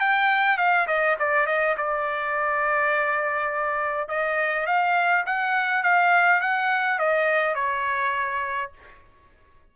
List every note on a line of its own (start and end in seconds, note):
0.00 0.57 G5
0.57 0.87 F5
0.87 1.16 D#5
1.19 1.46 D5
1.46 1.76 D#5
1.77 4.08 D5
4.08 4.67 D#5
4.67 5.25 F5
5.26 5.83 F#5
5.83 6.41 F5
6.41 6.99 F#5
6.99 7.55 D#5
7.55 8.72 C#5